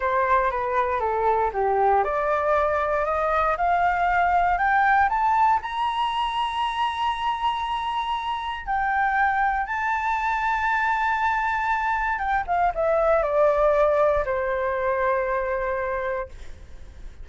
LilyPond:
\new Staff \with { instrumentName = "flute" } { \time 4/4 \tempo 4 = 118 c''4 b'4 a'4 g'4 | d''2 dis''4 f''4~ | f''4 g''4 a''4 ais''4~ | ais''1~ |
ais''4 g''2 a''4~ | a''1 | g''8 f''8 e''4 d''2 | c''1 | }